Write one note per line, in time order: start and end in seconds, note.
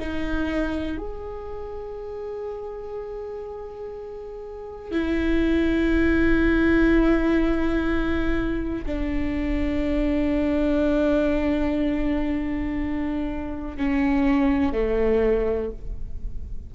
0.00 0.98 D#4
0.98 4.92 G#4
4.92 8.85 E4
8.86 13.77 D4
13.77 14.73 C#4
14.73 15.72 A3